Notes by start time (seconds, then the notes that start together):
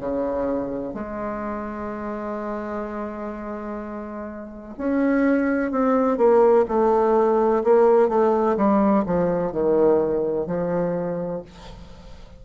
0.00 C#3
0.94 G#3
4.78 C#4
5.71 C4
6.17 A#3
6.68 A3
7.64 A#3
8.08 A3
8.57 G3
9.06 F3
9.52 D#3
10.47 F3